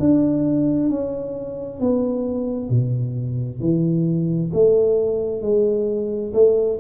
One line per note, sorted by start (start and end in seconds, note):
0.00 0.90 D4
0.90 1.80 C#4
1.80 2.70 B3
2.70 3.60 B2
3.60 4.51 E3
4.53 5.42 A3
5.42 6.33 G#3
6.33 6.79 A3